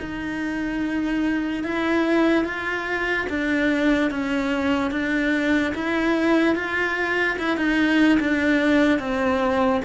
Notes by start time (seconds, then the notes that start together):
0.00 D#4
1.64 E4
2.45 F4
3.30 D4
4.11 C#4
4.92 D4
5.75 E4
6.56 F4
7.39 E4
7.57 D#4
8.20 D4
8.99 C4